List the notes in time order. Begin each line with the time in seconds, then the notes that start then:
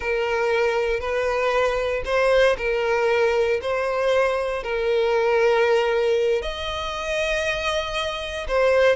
0.00 A#4
1.00 B4
2.05 C5
2.57 A#4
3.61 C5
4.63 A#4
6.42 D#5
8.47 C5